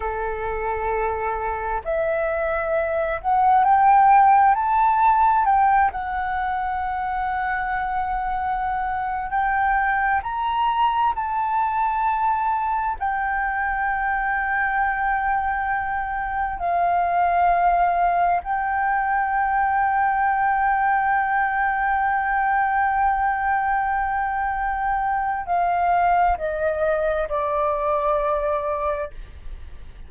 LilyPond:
\new Staff \with { instrumentName = "flute" } { \time 4/4 \tempo 4 = 66 a'2 e''4. fis''8 | g''4 a''4 g''8 fis''4.~ | fis''2~ fis''16 g''4 ais''8.~ | ais''16 a''2 g''4.~ g''16~ |
g''2~ g''16 f''4.~ f''16~ | f''16 g''2.~ g''8.~ | g''1 | f''4 dis''4 d''2 | }